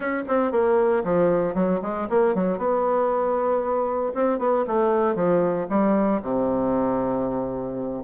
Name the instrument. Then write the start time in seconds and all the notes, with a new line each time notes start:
bassoon
0.00 C#4
0.28 C4
0.51 A#3
1.04 F3
1.54 F#3
1.82 G#3
2.09 A#3
2.35 F#3
2.57 B3
4.14 C4
4.38 B3
4.67 A3
5.15 F3
5.69 G3
6.22 C3